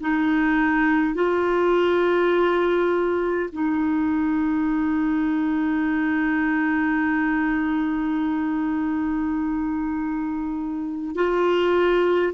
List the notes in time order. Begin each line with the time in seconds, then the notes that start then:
0.00 D#4
1.14 F4
3.52 D#4
11.15 F4